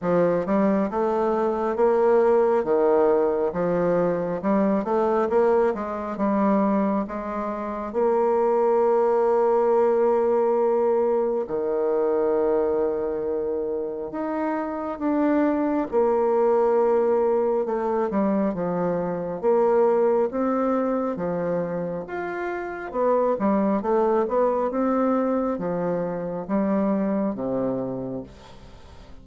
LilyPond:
\new Staff \with { instrumentName = "bassoon" } { \time 4/4 \tempo 4 = 68 f8 g8 a4 ais4 dis4 | f4 g8 a8 ais8 gis8 g4 | gis4 ais2.~ | ais4 dis2. |
dis'4 d'4 ais2 | a8 g8 f4 ais4 c'4 | f4 f'4 b8 g8 a8 b8 | c'4 f4 g4 c4 | }